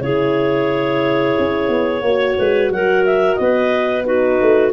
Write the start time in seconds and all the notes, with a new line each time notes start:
0.00 C#3 E4 G#4 C#5
1.38 C#4
1.68 B3
2.02 A#3 F#4 C#5
2.38 G#3 B4
2.70 F#3 A#4 F#5
3.05 E5
3.35 B3 B4 D#5
4.04 D#4 F#4 B4
4.41 A3